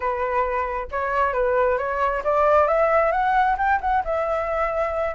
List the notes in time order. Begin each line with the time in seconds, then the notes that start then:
0.00 B4
0.91 C#5
1.33 B4
1.78 C#5
2.24 D5
2.67 E5
3.11 F#5
3.57 G5
3.80 F#5
4.04 E5